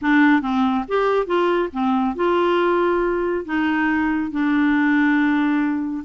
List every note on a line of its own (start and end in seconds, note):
0.01 0.41 D4
0.41 0.84 C4
0.88 1.26 G4
1.26 1.69 F4
1.72 2.15 C4
2.15 3.45 F4
3.45 4.31 D#4
4.31 6.04 D4